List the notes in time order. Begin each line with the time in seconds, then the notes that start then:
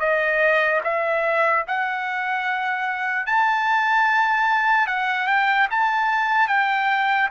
0.00 D#5
0.84 E5
1.68 F#5
3.26 A5
4.87 F#5
5.27 G5
5.71 A5
6.48 G5